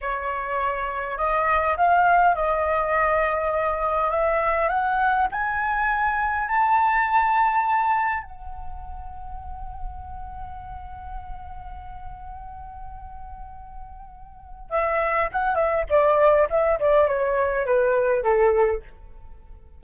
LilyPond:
\new Staff \with { instrumentName = "flute" } { \time 4/4 \tempo 4 = 102 cis''2 dis''4 f''4 | dis''2. e''4 | fis''4 gis''2 a''4~ | a''2 fis''2~ |
fis''1~ | fis''1~ | fis''4 e''4 fis''8 e''8 d''4 | e''8 d''8 cis''4 b'4 a'4 | }